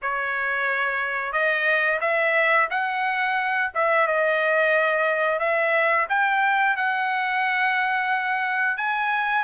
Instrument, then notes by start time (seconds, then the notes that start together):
trumpet
0.02 C#5
1.32 D#5
2.00 E5
2.70 F#5
3.74 E5
4.07 D#5
5.39 E5
6.09 G5
6.76 F#5
8.77 G#5